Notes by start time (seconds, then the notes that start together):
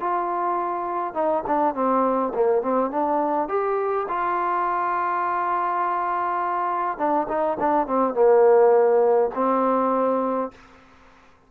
0.00 F4
1.14 D#4
1.47 D4
1.75 C4
2.35 A#3
2.62 C4
2.91 D4
3.49 G4
4.09 F4
6.98 D4
7.28 D#4
7.60 D4
7.87 C4
8.14 A#3
9.35 C4